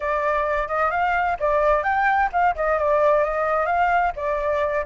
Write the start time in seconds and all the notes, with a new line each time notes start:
0.00 D5
0.67 D#5
0.90 F5
1.39 D5
1.83 G5
2.32 F5
2.55 D#5
2.78 D5
3.24 D#5
3.66 F5
4.16 D5